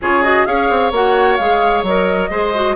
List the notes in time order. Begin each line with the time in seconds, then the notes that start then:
0.01 C#3 F4 G#4 C#5
0.22 F#4 D#5
0.45 C#4 G#4 C#5 F5
0.69 C4
0.91 A#3 F#4 F#5
1.36 G#3 G#4 F5
1.83 F#3 A#4 D#5
2.29 G#3 G#4 C5
2.54 F#4